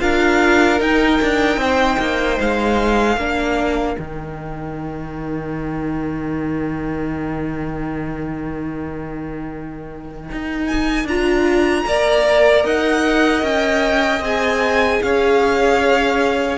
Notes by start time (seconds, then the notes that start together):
0.00 D4 F4 A#4 F5
0.78 D#4 G5
1.22 D4
1.57 C4 C5
2.00 A#3
2.40 G#3 F5
3.17 A#3 D4 A#4
3.96 D#3 D#4 G5
10.32 D#4
10.68 G#5
11.05 D4 F4 A#5
11.87 A#3 A#4 D5
12.65 D#4 D#5 F#5
13.43 C#4 G5
14.21 C4 G#4 G#5
15.03 C#4 C#5 F5